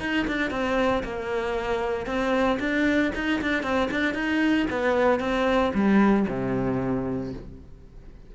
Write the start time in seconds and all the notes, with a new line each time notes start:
0.00 D#4
0.28 D4
0.51 C4
1.03 A#3
2.06 C4
2.59 D4
3.15 D#4
3.42 D4
3.63 C4
3.91 D4
4.14 D#4
4.70 B3
5.20 C4
5.74 G3
6.28 C3